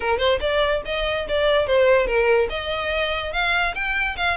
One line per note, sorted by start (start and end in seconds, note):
0.00 0.18 A#4
0.18 0.39 C5
0.40 0.81 D5
0.85 1.27 D#5
1.28 1.66 D5
1.66 2.06 C5
2.06 2.48 A#4
2.49 3.32 D#5
3.32 3.74 F5
3.74 4.16 G5
4.16 4.37 F5